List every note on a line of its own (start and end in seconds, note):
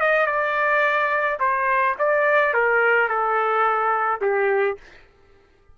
0.00 0.26 D#5
0.26 1.38 D5
1.39 1.95 C5
1.98 2.53 D5
2.53 3.08 A#4
3.08 4.20 A4
4.21 4.77 G4